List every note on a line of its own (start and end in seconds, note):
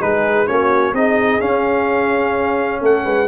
0.00 0.49 G#3
0.00 0.47 D#4
0.00 0.47 G#4
0.00 0.47 B4
0.47 0.93 A#3
0.47 0.94 C#4
0.47 0.94 F#4
0.47 0.94 C#5
0.93 1.40 C4
0.93 1.40 D#4
0.93 2.81 G#4
0.93 1.41 D#5
1.40 3.27 C#4
1.40 2.82 C#4
1.40 2.82 F5
2.82 3.05 A3
2.82 3.04 A4
2.82 3.28 F#5
3.04 3.28 G#3
3.04 3.28 B4